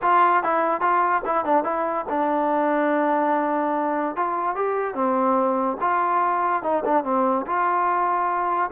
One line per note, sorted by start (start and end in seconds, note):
0.02 0.43 F4
0.43 0.80 E4
0.80 1.22 F4
1.25 1.44 E4
1.44 1.64 D4
1.64 2.05 E4
2.09 4.16 D4
4.16 4.55 F4
4.55 4.94 G4
4.94 5.77 C4
5.80 6.62 F4
6.62 6.83 D#4
6.84 7.04 D4
7.04 7.45 C4
7.46 8.70 F4